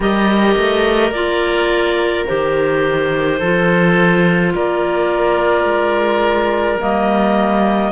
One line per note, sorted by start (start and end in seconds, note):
0.00 0.56 G3
0.00 1.13 G4
0.00 3.39 A#4
0.00 1.12 D#5
0.57 1.11 A3
1.11 2.24 A#3
1.11 2.27 F4
1.11 2.25 D5
2.27 3.40 D#3
2.27 3.40 G4
2.27 4.53 C5
3.39 4.53 F3
3.39 6.79 F4
3.39 4.52 A4
4.54 5.64 A#3
4.54 7.91 A#4
4.54 6.81 D5
5.64 6.77 G#3
6.79 7.91 G3
6.79 7.91 A#3
6.79 7.91 D#5